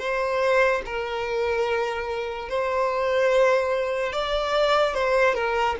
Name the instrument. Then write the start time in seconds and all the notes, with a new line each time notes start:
violin
0.00 C5
0.86 A#4
2.50 C5
4.13 D5
4.95 C5
5.35 A#4